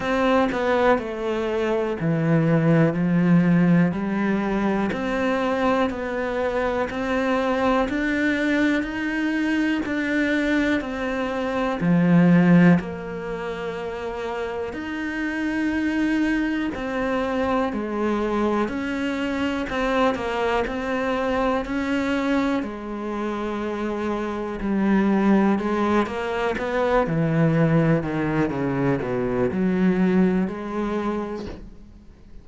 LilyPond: \new Staff \with { instrumentName = "cello" } { \time 4/4 \tempo 4 = 61 c'8 b8 a4 e4 f4 | g4 c'4 b4 c'4 | d'4 dis'4 d'4 c'4 | f4 ais2 dis'4~ |
dis'4 c'4 gis4 cis'4 | c'8 ais8 c'4 cis'4 gis4~ | gis4 g4 gis8 ais8 b8 e8~ | e8 dis8 cis8 b,8 fis4 gis4 | }